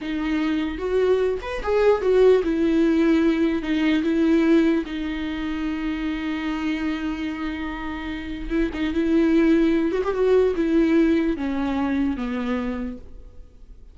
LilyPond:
\new Staff \with { instrumentName = "viola" } { \time 4/4 \tempo 4 = 148 dis'2 fis'4. b'8 | gis'4 fis'4 e'2~ | e'4 dis'4 e'2 | dis'1~ |
dis'1~ | dis'4 e'8 dis'8 e'2~ | e'8 fis'16 g'16 fis'4 e'2 | cis'2 b2 | }